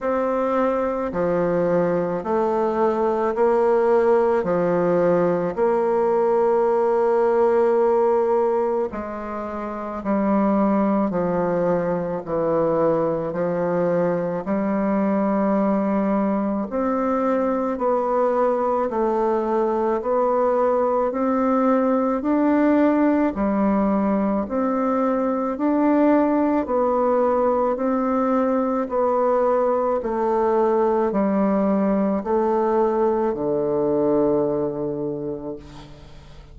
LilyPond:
\new Staff \with { instrumentName = "bassoon" } { \time 4/4 \tempo 4 = 54 c'4 f4 a4 ais4 | f4 ais2. | gis4 g4 f4 e4 | f4 g2 c'4 |
b4 a4 b4 c'4 | d'4 g4 c'4 d'4 | b4 c'4 b4 a4 | g4 a4 d2 | }